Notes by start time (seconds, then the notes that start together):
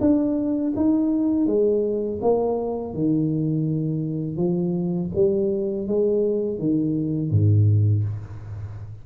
0.00 D4
0.76 D#4
1.46 G#3
2.22 A#3
2.94 D#3
4.36 F3
5.15 G3
5.87 G#3
6.59 D#3
7.31 G#2